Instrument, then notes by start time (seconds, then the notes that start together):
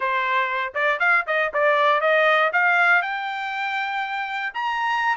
trumpet
0.00 C5
0.74 D5
0.99 F5
1.27 D#5
1.53 D5
2.00 D#5
2.52 F5
3.02 G5
4.54 A#5